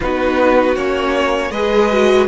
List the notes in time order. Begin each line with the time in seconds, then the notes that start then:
0.00 B3 D#4 F#4 B4
0.75 A#3 C#4 C#5
1.50 G#3 G#4 B4 D#5
1.91 F#4